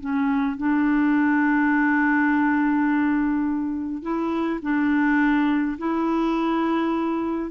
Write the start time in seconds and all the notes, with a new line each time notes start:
0.00 C#4
0.57 D4
4.02 E4
4.62 D4
5.78 E4